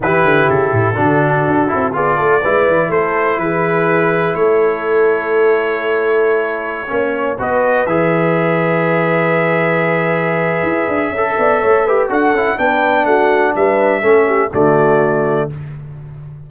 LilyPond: <<
  \new Staff \with { instrumentName = "trumpet" } { \time 4/4 \tempo 4 = 124 b'4 a'2. | d''2 c''4 b'4~ | b'4 cis''2.~ | cis''2.~ cis''16 dis''8.~ |
dis''16 e''2.~ e''8.~ | e''1~ | e''4 fis''4 g''4 fis''4 | e''2 d''2 | }
  \new Staff \with { instrumentName = "horn" } { \time 4/4 g'2 fis'2 | gis'8 a'8 b'4 a'4 gis'4~ | gis'4 a'2.~ | a'2~ a'16 cis''4 b'8.~ |
b'1~ | b'2. a'8 d''8 | cis''8 b'8 a'4 b'4 fis'4 | b'4 a'8 g'8 fis'2 | }
  \new Staff \with { instrumentName = "trombone" } { \time 4/4 e'2 d'4. e'8 | f'4 e'2.~ | e'1~ | e'2~ e'16 cis'4 fis'8.~ |
fis'16 gis'2.~ gis'8.~ | gis'2. a'4~ | a'8 g'8 fis'8 e'8 d'2~ | d'4 cis'4 a2 | }
  \new Staff \with { instrumentName = "tuba" } { \time 4/4 e8 d8 cis8 a,8 d4 d'8 c'8 | b8 a8 gis8 e8 a4 e4~ | e4 a2.~ | a2~ a16 ais4 b8.~ |
b16 e2.~ e8.~ | e2 e'8 d'8 cis'8 b8 | a4 d'8 cis'8 b4 a4 | g4 a4 d2 | }
>>